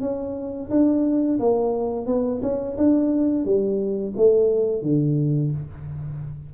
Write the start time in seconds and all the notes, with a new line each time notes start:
0.00 C#4
0.70 D4
1.39 A#3
2.06 B3
2.42 C#4
2.77 D4
3.45 G3
4.16 A3
4.82 D3